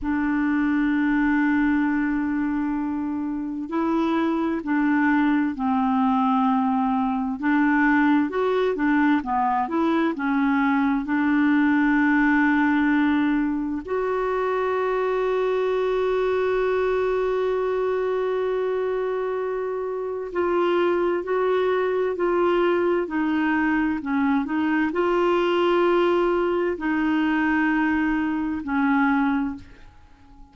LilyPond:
\new Staff \with { instrumentName = "clarinet" } { \time 4/4 \tempo 4 = 65 d'1 | e'4 d'4 c'2 | d'4 fis'8 d'8 b8 e'8 cis'4 | d'2. fis'4~ |
fis'1~ | fis'2 f'4 fis'4 | f'4 dis'4 cis'8 dis'8 f'4~ | f'4 dis'2 cis'4 | }